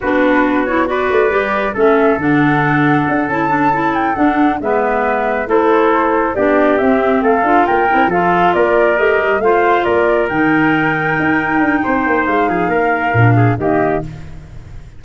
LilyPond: <<
  \new Staff \with { instrumentName = "flute" } { \time 4/4 \tempo 4 = 137 b'4. cis''8 d''2 | e''4 fis''2~ fis''8 a''8~ | a''4 g''8 fis''4 e''4.~ | e''8 c''2 d''4 e''8~ |
e''8 f''4 g''4 f''4 d''8~ | d''8 dis''4 f''4 d''4 g''8~ | g''1 | f''2. dis''4 | }
  \new Staff \with { instrumentName = "trumpet" } { \time 4/4 fis'2 b'2 | a'1~ | a'2~ a'8 b'4.~ | b'8 a'2 g'4.~ |
g'8 a'4 ais'4 a'4 ais'8~ | ais'4. c''4 ais'4.~ | ais'2. c''4~ | c''8 gis'8 ais'4. gis'8 g'4 | }
  \new Staff \with { instrumentName = "clarinet" } { \time 4/4 d'4. e'8 fis'4 g'4 | cis'4 d'2~ d'8 e'8 | d'8 e'4 d'4 b4.~ | b8 e'2 d'4 c'8~ |
c'4 f'4 e'8 f'4.~ | f'8 g'4 f'2 dis'8~ | dis'1~ | dis'2 d'4 ais4 | }
  \new Staff \with { instrumentName = "tuba" } { \time 4/4 b2~ b8 a8 g4 | a4 d2 d'8 cis'8~ | cis'4. d'4 gis4.~ | gis8 a2 b4 c'8~ |
c'8 a8 d'8 ais8 c'8 f4 ais8~ | ais8 a8 g8 a4 ais4 dis8~ | dis4. dis'4 d'8 c'8 ais8 | gis8 f8 ais4 ais,4 dis4 | }
>>